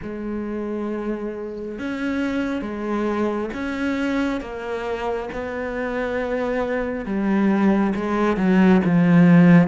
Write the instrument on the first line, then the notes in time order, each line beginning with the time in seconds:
cello
0.02 G#3
1.78 C#4
2.61 G#3
3.53 C#4
4.40 A#3
5.33 B3
7.05 G3
7.95 G#3
8.37 F#3
8.85 F3